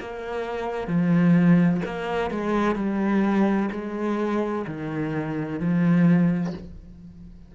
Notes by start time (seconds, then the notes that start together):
0.00 A#3
0.87 F3
1.85 A#3
2.31 G#3
2.75 G3
3.72 G#3
4.67 D#3
5.60 F3